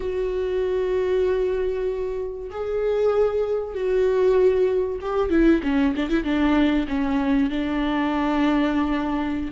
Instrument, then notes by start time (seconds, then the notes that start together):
viola
0.00 F#4
2.50 G#4
3.74 F#4
5.01 G4
5.30 E4
5.63 C#4
5.95 D4
6.09 E4
6.23 D4
6.88 C#4
7.49 D4